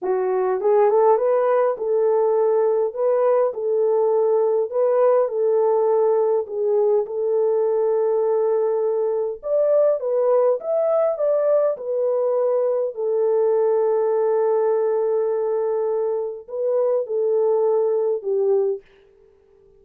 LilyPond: \new Staff \with { instrumentName = "horn" } { \time 4/4 \tempo 4 = 102 fis'4 gis'8 a'8 b'4 a'4~ | a'4 b'4 a'2 | b'4 a'2 gis'4 | a'1 |
d''4 b'4 e''4 d''4 | b'2 a'2~ | a'1 | b'4 a'2 g'4 | }